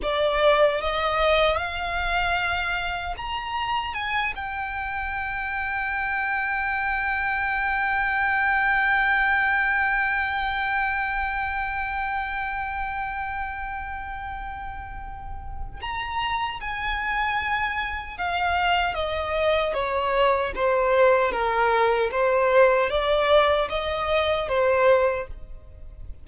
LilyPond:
\new Staff \with { instrumentName = "violin" } { \time 4/4 \tempo 4 = 76 d''4 dis''4 f''2 | ais''4 gis''8 g''2~ g''8~ | g''1~ | g''1~ |
g''1 | ais''4 gis''2 f''4 | dis''4 cis''4 c''4 ais'4 | c''4 d''4 dis''4 c''4 | }